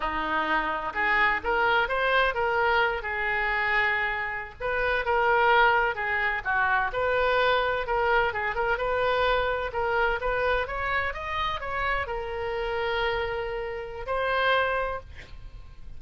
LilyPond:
\new Staff \with { instrumentName = "oboe" } { \time 4/4 \tempo 4 = 128 dis'2 gis'4 ais'4 | c''4 ais'4. gis'4.~ | gis'4.~ gis'16 b'4 ais'4~ ais'16~ | ais'8. gis'4 fis'4 b'4~ b'16~ |
b'8. ais'4 gis'8 ais'8 b'4~ b'16~ | b'8. ais'4 b'4 cis''4 dis''16~ | dis''8. cis''4 ais'2~ ais'16~ | ais'2 c''2 | }